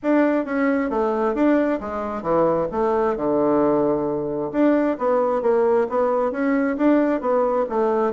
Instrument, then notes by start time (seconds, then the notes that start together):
bassoon
0.02 D4
0.45 C#4
0.90 A3
1.34 D4
1.80 G#3
2.22 E3
2.71 A3
3.16 D3
4.52 D4
4.98 B3
5.42 A#3
5.89 B3
6.31 C#4
6.77 D4
7.20 B3
7.69 A3